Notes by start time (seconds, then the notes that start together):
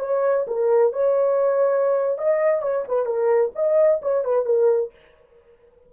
0.00 C#5
0.47 A#4
0.93 C#5
2.18 D#5
2.62 C#5
2.88 B4
3.06 A#4
3.55 D#5
4.02 C#5
4.25 B4
4.46 A#4